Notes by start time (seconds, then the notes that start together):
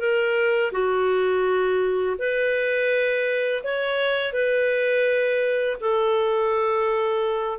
0.00 A#4
0.72 F#4
2.19 B4
3.64 C#5
4.33 B4
5.81 A4